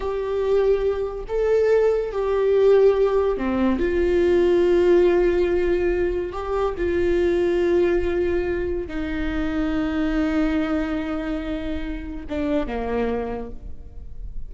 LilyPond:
\new Staff \with { instrumentName = "viola" } { \time 4/4 \tempo 4 = 142 g'2. a'4~ | a'4 g'2. | c'4 f'2.~ | f'2. g'4 |
f'1~ | f'4 dis'2.~ | dis'1~ | dis'4 d'4 ais2 | }